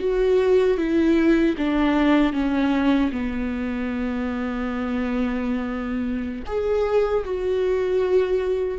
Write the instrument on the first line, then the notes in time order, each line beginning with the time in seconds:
viola
0.00 F#4
0.78 E4
1.58 D4
2.33 C#4
3.12 B3
6.47 G#4
7.25 F#4